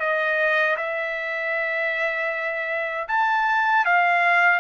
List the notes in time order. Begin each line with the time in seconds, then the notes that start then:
0.00 D#5
0.77 E5
3.08 A5
3.85 F5